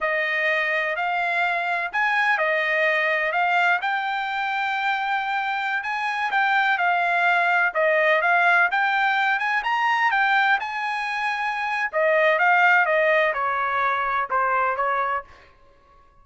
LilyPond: \new Staff \with { instrumentName = "trumpet" } { \time 4/4 \tempo 4 = 126 dis''2 f''2 | gis''4 dis''2 f''4 | g''1~ | g''16 gis''4 g''4 f''4.~ f''16~ |
f''16 dis''4 f''4 g''4. gis''16~ | gis''16 ais''4 g''4 gis''4.~ gis''16~ | gis''4 dis''4 f''4 dis''4 | cis''2 c''4 cis''4 | }